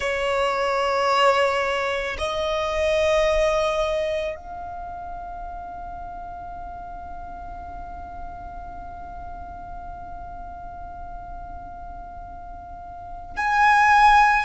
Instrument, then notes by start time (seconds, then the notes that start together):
violin
0.00 C#5
2.18 D#5
4.35 F5
13.36 G#5